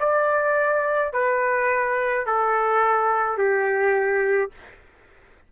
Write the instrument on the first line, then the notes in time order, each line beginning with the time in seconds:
trumpet
0.00 D5
1.13 B4
2.26 A4
3.38 G4